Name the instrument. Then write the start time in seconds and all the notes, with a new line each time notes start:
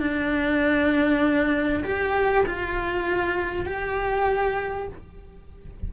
cello
0.00 D4
1.84 G4
2.46 F4
3.66 G4